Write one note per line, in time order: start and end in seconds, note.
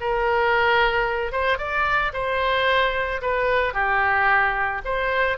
0.00 1.32 A#4
1.32 1.57 C5
1.57 2.12 D5
2.13 3.21 C5
3.21 3.73 B4
3.73 4.81 G4
4.84 5.37 C5